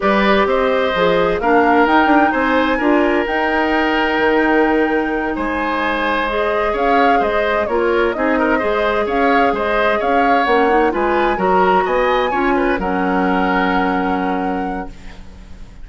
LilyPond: <<
  \new Staff \with { instrumentName = "flute" } { \time 4/4 \tempo 4 = 129 d''4 dis''2 f''4 | g''4 gis''2 g''4~ | g''2.~ g''8 gis''8~ | gis''4. dis''4 f''4 dis''8~ |
dis''8 cis''4 dis''2 f''8~ | f''8 dis''4 f''4 fis''4 gis''8~ | gis''8 ais''4 gis''2 fis''8~ | fis''1 | }
  \new Staff \with { instrumentName = "oboe" } { \time 4/4 b'4 c''2 ais'4~ | ais'4 c''4 ais'2~ | ais'2.~ ais'8 c''8~ | c''2~ c''8 cis''4 c''8~ |
c''8 ais'4 gis'8 ais'8 c''4 cis''8~ | cis''8 c''4 cis''2 b'8~ | b'8 ais'4 dis''4 cis''8 b'8 ais'8~ | ais'1 | }
  \new Staff \with { instrumentName = "clarinet" } { \time 4/4 g'2 gis'4 d'4 | dis'2 f'4 dis'4~ | dis'1~ | dis'4. gis'2~ gis'8~ |
gis'8 f'4 dis'4 gis'4.~ | gis'2~ gis'8 cis'8 dis'8 f'8~ | f'8 fis'2 f'4 cis'8~ | cis'1 | }
  \new Staff \with { instrumentName = "bassoon" } { \time 4/4 g4 c'4 f4 ais4 | dis'8 d'8 c'4 d'4 dis'4~ | dis'4 dis2~ dis8 gis8~ | gis2~ gis8 cis'4 gis8~ |
gis8 ais4 c'4 gis4 cis'8~ | cis'8 gis4 cis'4 ais4 gis8~ | gis8 fis4 b4 cis'4 fis8~ | fis1 | }
>>